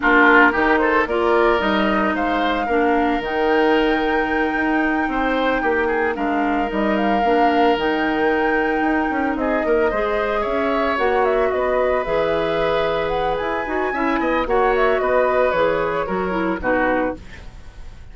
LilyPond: <<
  \new Staff \with { instrumentName = "flute" } { \time 4/4 \tempo 4 = 112 ais'4. c''8 d''4 dis''4 | f''2 g''2~ | g''2.~ g''8 f''8~ | f''8 dis''8 f''4. g''4.~ |
g''4. dis''2 e''8~ | e''8 fis''8 e''8 dis''4 e''4.~ | e''8 fis''8 gis''2 fis''8 e''8 | dis''4 cis''2 b'4 | }
  \new Staff \with { instrumentName = "oboe" } { \time 4/4 f'4 g'8 a'8 ais'2 | c''4 ais'2.~ | ais'4. c''4 g'8 gis'8 ais'8~ | ais'1~ |
ais'4. gis'8 ais'8 c''4 cis''8~ | cis''4. b'2~ b'8~ | b'2 e''8 dis''8 cis''4 | b'2 ais'4 fis'4 | }
  \new Staff \with { instrumentName = "clarinet" } { \time 4/4 d'4 dis'4 f'4 dis'4~ | dis'4 d'4 dis'2~ | dis'2.~ dis'8 d'8~ | d'8 dis'4 d'4 dis'4.~ |
dis'2~ dis'8 gis'4.~ | gis'8 fis'2 gis'4.~ | gis'4. fis'8 e'4 fis'4~ | fis'4 gis'4 fis'8 e'8 dis'4 | }
  \new Staff \with { instrumentName = "bassoon" } { \time 4/4 ais4 dis4 ais4 g4 | gis4 ais4 dis2~ | dis8 dis'4 c'4 ais4 gis8~ | gis8 g4 ais4 dis4.~ |
dis8 dis'8 cis'8 c'8 ais8 gis4 cis'8~ | cis'8 ais4 b4 e4.~ | e4 e'8 dis'8 cis'8 b8 ais4 | b4 e4 fis4 b,4 | }
>>